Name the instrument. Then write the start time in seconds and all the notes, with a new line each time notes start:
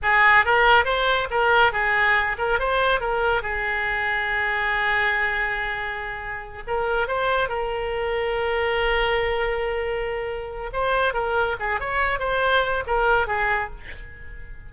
oboe
0.02 G#4
0.45 A#4
0.85 C5
1.30 A#4
1.72 G#4
2.38 A#4
2.59 C5
3.00 A#4
3.41 G#4
6.67 A#4
7.07 C5
7.48 A#4
10.72 C5
11.13 A#4
11.59 G#4
11.80 C#5
12.19 C5
12.86 A#4
13.27 G#4